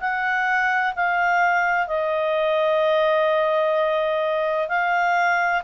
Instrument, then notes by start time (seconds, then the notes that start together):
clarinet
0.00 F#5
0.95 F5
1.87 D#5
4.68 F5